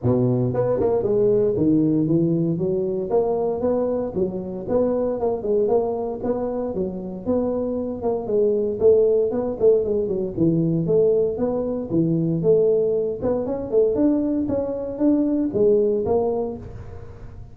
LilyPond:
\new Staff \with { instrumentName = "tuba" } { \time 4/4 \tempo 4 = 116 b,4 b8 ais8 gis4 dis4 | e4 fis4 ais4 b4 | fis4 b4 ais8 gis8 ais4 | b4 fis4 b4. ais8 |
gis4 a4 b8 a8 gis8 fis8 | e4 a4 b4 e4 | a4. b8 cis'8 a8 d'4 | cis'4 d'4 gis4 ais4 | }